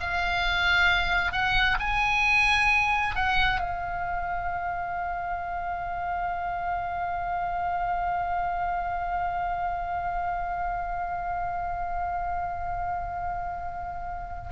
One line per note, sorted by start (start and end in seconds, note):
0.00 1.32 F5
1.32 1.78 F#5
1.79 3.15 G#5
3.15 3.60 F#5
3.60 14.51 F5